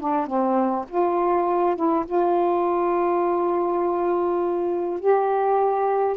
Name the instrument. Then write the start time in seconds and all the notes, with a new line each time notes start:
saxophone
0.00 D4
0.27 C4
0.89 F4
1.76 E4
2.06 F4
5.00 G4